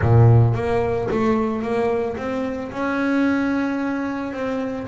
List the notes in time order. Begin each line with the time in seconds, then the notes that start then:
0.01 A#2
0.54 A#3
1.11 A3
1.62 A#3
2.17 C4
2.71 C#4
4.32 C4